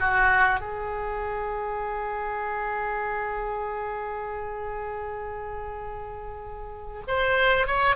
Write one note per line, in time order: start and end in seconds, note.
0.00 0.60 F#4
0.60 7.03 G#4
7.07 7.67 C5
7.67 7.96 C#5